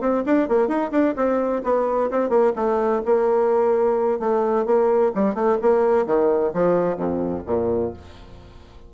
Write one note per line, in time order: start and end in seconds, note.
0.00 0.23 C4
0.25 0.48 D4
0.48 0.67 A#3
0.67 0.91 D#4
0.91 1.14 D4
1.16 1.62 C4
1.63 2.10 B3
2.11 2.29 C4
2.29 2.52 A#3
2.55 3.02 A3
3.05 4.19 A#3
4.19 4.65 A3
4.65 5.12 A#3
5.15 5.34 G3
5.34 5.57 A3
5.61 6.06 A#3
6.06 6.52 D#3
6.53 6.97 F3
6.97 7.43 F2
7.46 7.93 A#2